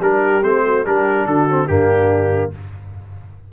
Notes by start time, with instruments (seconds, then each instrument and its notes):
0.00 tuba G3, trombone D4, horn G4, trumpet A#4
0.43 tuba A3, trombone C4, trumpet C5
0.65 horn F#4
0.85 tuba G3, trombone D4, horn G4, trumpet A#4
1.26 tuba D3, horn F#4, trumpet A4
1.50 trombone C4
1.67 tuba G2, trombone A#3, horn D4, trumpet G4